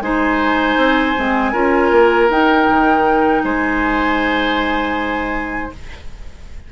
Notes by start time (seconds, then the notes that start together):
0.00 G#3 D#4 C5 G#5
0.76 C4
1.16 G#3 C4
1.52 C#4 F4 A#4
1.91 A#3
2.29 D#4 G5
2.69 D#3
3.43 G#3 C5 G#5